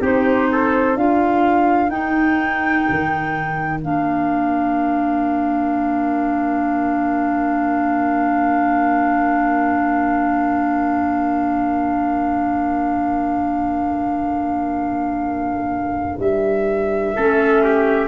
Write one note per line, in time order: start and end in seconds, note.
0.00 0.95 C4
0.00 0.95 D#4
0.00 0.49 G4
0.00 0.97 C5
0.51 0.99 A4
0.95 1.88 D4
0.95 1.89 F4
0.95 17.15 A#4
0.95 1.89 F5
1.88 2.84 D#4
1.88 3.79 D#4
1.88 3.80 G5
2.89 3.84 D#3
3.81 16.19 A#3
3.81 17.15 D4
3.81 16.19 F5
16.19 17.14 G3
16.19 18.07 E5
17.15 18.07 A3
17.15 18.07 C#4
17.15 17.63 A4
17.63 18.07 G4